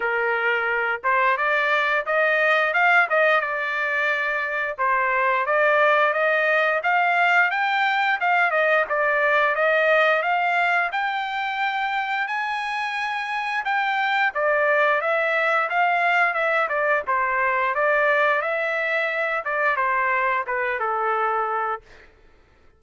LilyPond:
\new Staff \with { instrumentName = "trumpet" } { \time 4/4 \tempo 4 = 88 ais'4. c''8 d''4 dis''4 | f''8 dis''8 d''2 c''4 | d''4 dis''4 f''4 g''4 | f''8 dis''8 d''4 dis''4 f''4 |
g''2 gis''2 | g''4 d''4 e''4 f''4 | e''8 d''8 c''4 d''4 e''4~ | e''8 d''8 c''4 b'8 a'4. | }